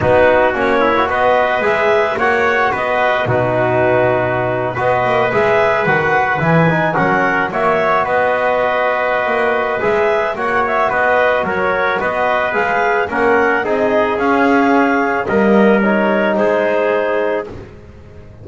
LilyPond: <<
  \new Staff \with { instrumentName = "clarinet" } { \time 4/4 \tempo 4 = 110 b'4 cis''4 dis''4 e''4 | fis''4 dis''4 b'2~ | b'8. dis''4 e''4 fis''4 gis''16~ | gis''8. fis''4 e''4 dis''4~ dis''16~ |
dis''2 e''4 fis''8 e''8 | dis''4 cis''4 dis''4 f''4 | fis''4 dis''4 f''2 | dis''4 cis''4 c''2 | }
  \new Staff \with { instrumentName = "trumpet" } { \time 4/4 fis'4. e'8 b'2 | cis''4 b'4 fis'2~ | fis'8. b'2.~ b'16~ | b'8. ais'4 cis''4 b'4~ b'16~ |
b'2. cis''4 | b'4 ais'4 b'2 | ais'4 gis'2. | ais'2 gis'2 | }
  \new Staff \with { instrumentName = "trombone" } { \time 4/4 dis'4 cis'8. fis'4~ fis'16 gis'4 | fis'2 dis'2~ | dis'8. fis'4 gis'4 fis'4 e'16~ | e'16 dis'8 cis'4 fis'2~ fis'16~ |
fis'2 gis'4 fis'4~ | fis'2. gis'4 | cis'4 dis'4 cis'2 | ais4 dis'2. | }
  \new Staff \with { instrumentName = "double bass" } { \time 4/4 b4 ais4 b4 gis4 | ais4 b4 b,2~ | b,8. b8 ais8 gis4 dis4 e16~ | e8. fis4 ais4 b4~ b16~ |
b4 ais4 gis4 ais4 | b4 fis4 b4 gis4 | ais4 c'4 cis'2 | g2 gis2 | }
>>